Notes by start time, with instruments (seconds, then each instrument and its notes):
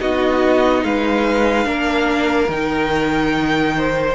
0.00 cello B3, viola D#4, violin F#4 D#5
0.84 cello G#3, violin B4 F5
1.64 cello A#3, viola D4, violin A#4
2.49 cello D#3, viola D#4, violin G5
3.77 violin C5